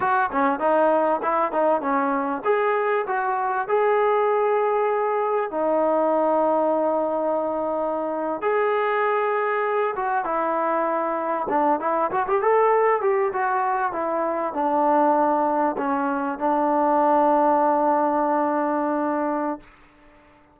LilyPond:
\new Staff \with { instrumentName = "trombone" } { \time 4/4 \tempo 4 = 98 fis'8 cis'8 dis'4 e'8 dis'8 cis'4 | gis'4 fis'4 gis'2~ | gis'4 dis'2.~ | dis'4.~ dis'16 gis'2~ gis'16~ |
gis'16 fis'8 e'2 d'8 e'8 fis'16 | g'16 a'4 g'8 fis'4 e'4 d'16~ | d'4.~ d'16 cis'4 d'4~ d'16~ | d'1 | }